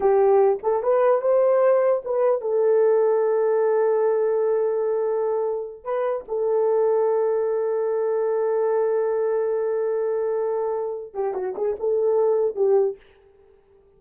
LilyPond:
\new Staff \with { instrumentName = "horn" } { \time 4/4 \tempo 4 = 148 g'4. a'8 b'4 c''4~ | c''4 b'4 a'2~ | a'1~ | a'2~ a'8 b'4 a'8~ |
a'1~ | a'1~ | a'2.~ a'8 g'8 | fis'8 gis'8 a'2 g'4 | }